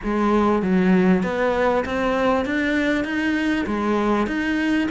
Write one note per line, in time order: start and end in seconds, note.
0.03 0.62 G#3
0.62 1.23 F#3
1.23 1.84 B3
1.85 2.45 C4
2.45 3.04 D4
3.04 3.65 D#4
3.66 4.26 G#3
4.26 4.88 D#4